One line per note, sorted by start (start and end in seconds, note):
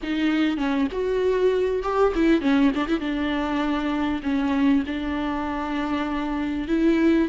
0.02 0.57 D#4
0.57 0.87 C#4
0.91 1.82 F#4
1.83 2.13 G4
2.15 2.41 E4
2.41 2.71 C#4
2.74 2.87 D4
2.87 3.00 E4
3.00 4.21 D4
4.23 4.83 C#4
4.86 6.67 D4
6.67 7.28 E4